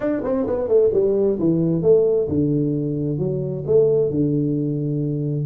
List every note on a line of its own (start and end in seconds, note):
0.00 0.22 D4
0.23 0.46 C4
0.46 0.67 B3
0.67 0.90 A3
0.93 1.38 G3
1.39 1.82 E3
1.82 2.27 A3
2.28 3.18 D3
3.18 3.64 F#3
3.66 4.10 A3
4.10 5.46 D3